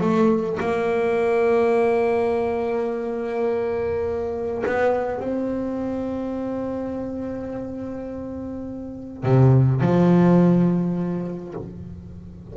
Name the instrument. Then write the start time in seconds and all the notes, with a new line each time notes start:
double bass
0.00 A3
0.60 A#3
4.66 B3
5.19 C4
9.23 C3
9.81 F3